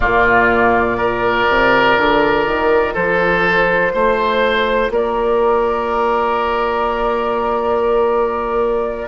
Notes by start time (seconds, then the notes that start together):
0.00 A#2 A#3 F4 D5
0.97 F4 A#4
1.48 C3
1.97 D3
2.46 D#3
2.93 F3 A4 C5
3.93 A3 C5
4.90 A#3 A#4 D5